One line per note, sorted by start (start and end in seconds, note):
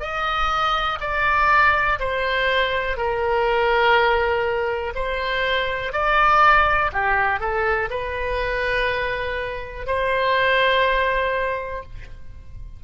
0.00 0.98 D#5
1.01 1.99 D5
1.99 2.97 C5
2.97 4.94 A#4
4.95 5.93 C5
5.93 6.91 D5
6.93 7.40 G4
7.40 7.89 A4
7.90 9.86 B4
9.86 11.83 C5